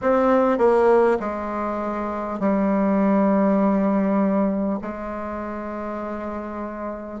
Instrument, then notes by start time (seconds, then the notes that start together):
bassoon
0.01 C4
0.57 A#3
1.19 G#3
2.39 G3
4.81 G#3